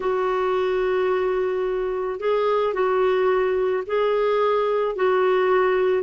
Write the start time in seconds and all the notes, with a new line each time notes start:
0.00 F#4
2.19 G#4
2.73 F#4
3.86 G#4
4.95 F#4